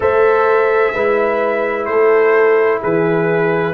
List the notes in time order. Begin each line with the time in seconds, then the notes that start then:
0.00 A3 A4 C5 E5
0.93 G#3 E4 B4
1.85 A3 A4 C5
2.81 E3 G#4 B4